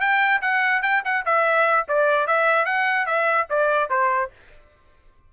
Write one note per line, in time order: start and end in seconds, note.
0.00 0.41 G5
0.42 0.82 F#5
0.82 1.03 G5
1.05 1.25 F#5
1.25 1.86 E5
1.88 2.27 D5
2.27 2.65 E5
2.65 3.06 F#5
3.06 3.47 E5
3.50 3.90 D5
3.90 4.31 C5